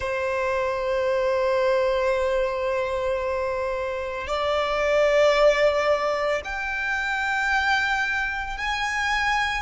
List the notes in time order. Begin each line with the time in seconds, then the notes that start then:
0.00 C5
4.27 D5
6.44 G5
8.57 G#5